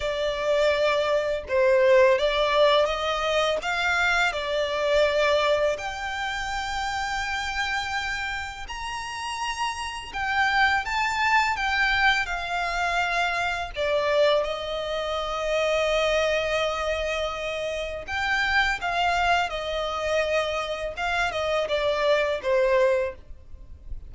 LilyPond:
\new Staff \with { instrumentName = "violin" } { \time 4/4 \tempo 4 = 83 d''2 c''4 d''4 | dis''4 f''4 d''2 | g''1 | ais''2 g''4 a''4 |
g''4 f''2 d''4 | dis''1~ | dis''4 g''4 f''4 dis''4~ | dis''4 f''8 dis''8 d''4 c''4 | }